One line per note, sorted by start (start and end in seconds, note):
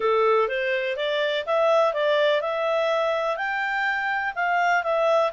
0.00 0.48 A4
0.48 0.96 C5
0.96 1.45 D5
1.46 1.93 E5
1.93 2.41 D5
2.41 3.37 E5
3.37 4.33 G5
4.35 4.83 F5
4.83 5.31 E5